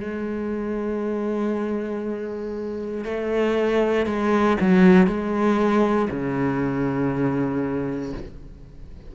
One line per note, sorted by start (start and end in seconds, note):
0.00 3.05 G#3
3.05 4.06 A3
4.06 4.57 G#3
4.60 5.07 F#3
5.07 6.09 G#3
6.10 8.14 C#3